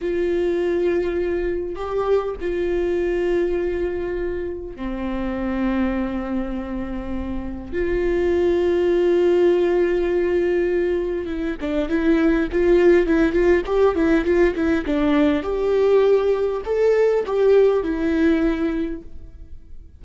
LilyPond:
\new Staff \with { instrumentName = "viola" } { \time 4/4 \tempo 4 = 101 f'2. g'4 | f'1 | c'1~ | c'4 f'2.~ |
f'2. e'8 d'8 | e'4 f'4 e'8 f'8 g'8 e'8 | f'8 e'8 d'4 g'2 | a'4 g'4 e'2 | }